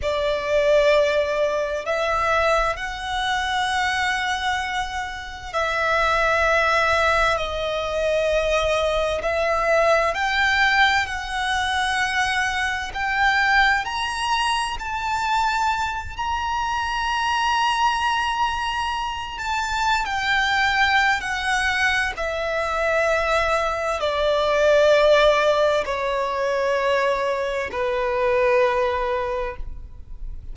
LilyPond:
\new Staff \with { instrumentName = "violin" } { \time 4/4 \tempo 4 = 65 d''2 e''4 fis''4~ | fis''2 e''2 | dis''2 e''4 g''4 | fis''2 g''4 ais''4 |
a''4. ais''2~ ais''8~ | ais''4 a''8. g''4~ g''16 fis''4 | e''2 d''2 | cis''2 b'2 | }